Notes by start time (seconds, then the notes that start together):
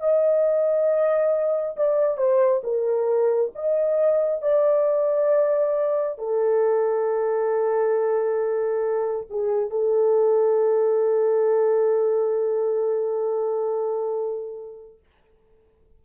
0.00 D#5
1.77 D5
2.18 C5
2.64 A#4
3.55 D#5
4.42 D5
6.18 A4
9.30 G#4
9.70 A4